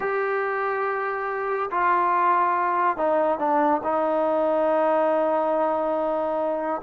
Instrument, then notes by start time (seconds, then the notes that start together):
trombone
0.00 G4
1.70 F4
2.97 D#4
3.38 D4
3.83 D#4